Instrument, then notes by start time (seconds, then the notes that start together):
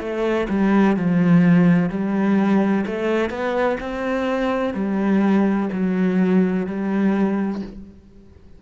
cello
0.00 A3
0.50 G3
0.97 F3
1.90 G3
2.86 A3
3.30 B3
3.81 C4
4.74 G3
5.73 F#3
6.67 G3